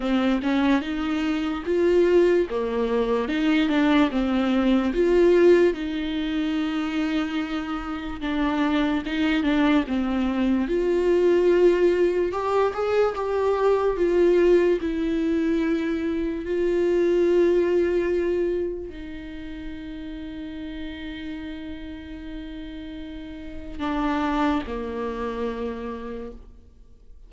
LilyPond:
\new Staff \with { instrumentName = "viola" } { \time 4/4 \tempo 4 = 73 c'8 cis'8 dis'4 f'4 ais4 | dis'8 d'8 c'4 f'4 dis'4~ | dis'2 d'4 dis'8 d'8 | c'4 f'2 g'8 gis'8 |
g'4 f'4 e'2 | f'2. dis'4~ | dis'1~ | dis'4 d'4 ais2 | }